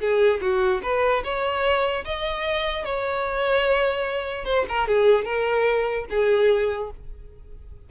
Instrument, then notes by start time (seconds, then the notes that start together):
violin
0.00 G#4
0.41 F#4
0.83 B4
1.24 C#5
2.05 D#5
2.85 C#5
4.45 C5
4.69 A#4
4.87 G#4
5.25 A#4
6.10 G#4